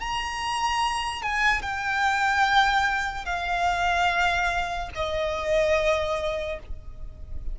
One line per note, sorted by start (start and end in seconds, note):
0.00 1.23 A#5
1.23 1.62 G#5
1.62 3.25 G5
3.25 4.90 F5
4.95 6.59 D#5